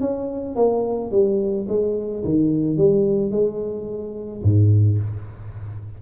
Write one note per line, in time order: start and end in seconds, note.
0.00 0.56 C#4
0.56 1.11 A#3
1.11 1.67 G3
1.68 2.24 G#3
2.24 2.77 D#3
2.77 3.31 G3
3.31 4.42 G#3
4.42 4.98 G#2